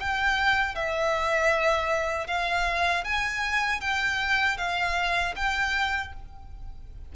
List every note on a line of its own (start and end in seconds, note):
0.00 0.76 G5
0.76 2.28 E5
2.28 3.05 F5
3.05 3.81 G#5
3.81 4.58 G5
4.58 5.35 F5
5.36 6.13 G5